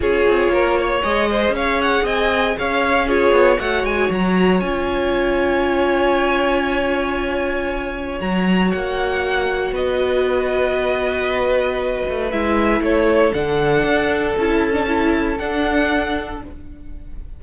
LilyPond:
<<
  \new Staff \with { instrumentName = "violin" } { \time 4/4 \tempo 4 = 117 cis''2 dis''4 f''8 fis''8 | gis''4 f''4 cis''4 fis''8 gis''8 | ais''4 gis''2.~ | gis''1 |
ais''4 fis''2 dis''4~ | dis''1 | e''4 cis''4 fis''2 | a''2 fis''2 | }
  \new Staff \with { instrumentName = "violin" } { \time 4/4 gis'4 ais'8 cis''4 c''8 cis''4 | dis''4 cis''4 gis'4 cis''4~ | cis''1~ | cis''1~ |
cis''2. b'4~ | b'1~ | b'4 a'2.~ | a'1 | }
  \new Staff \with { instrumentName = "viola" } { \time 4/4 f'2 gis'2~ | gis'2 f'4 fis'4~ | fis'4 f'2.~ | f'1 |
fis'1~ | fis'1 | e'2 d'2 | e'8. d'16 e'4 d'2 | }
  \new Staff \with { instrumentName = "cello" } { \time 4/4 cis'8 c'8 ais4 gis4 cis'4 | c'4 cis'4. b8 a8 gis8 | fis4 cis'2.~ | cis'1 |
fis4 ais2 b4~ | b2.~ b8 a8 | gis4 a4 d4 d'4 | cis'2 d'2 | }
>>